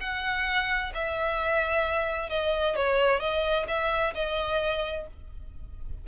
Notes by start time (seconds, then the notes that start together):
0.00 F#5
0.94 E5
2.29 D#5
2.75 C#5
3.20 D#5
3.68 E5
4.14 D#5